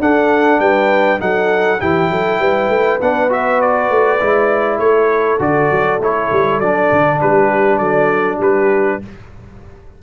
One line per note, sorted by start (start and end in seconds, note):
0.00 0.59 D4
0.00 1.19 D4
0.00 0.60 A4
0.00 0.60 F#5
0.59 1.19 G3
0.59 1.21 B4
0.59 1.20 G5
1.19 1.82 F#3
1.19 1.79 D#4
1.19 1.81 A4
1.19 1.81 F#5
1.80 2.09 E3
1.80 3.00 E4
1.80 2.11 G4
1.80 3.01 G5
2.09 2.39 F#3
2.09 2.41 A4
2.39 2.69 G3
2.39 4.80 B4
2.69 2.99 A3
3.01 3.90 B3
3.01 3.30 D4
3.01 3.31 F#5
3.30 4.20 F#4
3.30 3.61 E5
3.61 4.79 D5
3.90 4.20 A3
4.21 4.78 G#3
4.21 5.39 E4
4.78 5.38 A3
4.78 7.21 A4
4.78 5.39 C#5
5.39 5.70 D3
5.39 5.99 F#4
5.39 6.01 D5
5.71 5.99 F#3
5.99 6.29 A3
5.99 6.63 E4
5.99 6.60 C#5
6.32 6.59 G3
6.59 6.89 F#3
6.59 9.03 D4
6.59 7.20 D5
6.92 7.22 D3
7.21 7.79 G3
7.21 7.79 G4
7.21 7.78 B4
7.78 8.39 F#3
7.78 8.38 A4
7.78 8.38 D5
8.38 9.00 G3
8.38 8.98 G4
8.38 9.03 B4